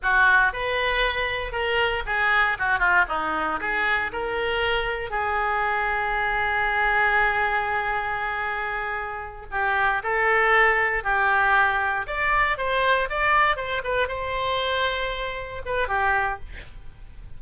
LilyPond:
\new Staff \with { instrumentName = "oboe" } { \time 4/4 \tempo 4 = 117 fis'4 b'2 ais'4 | gis'4 fis'8 f'8 dis'4 gis'4 | ais'2 gis'2~ | gis'1~ |
gis'2~ gis'8 g'4 a'8~ | a'4. g'2 d''8~ | d''8 c''4 d''4 c''8 b'8 c''8~ | c''2~ c''8 b'8 g'4 | }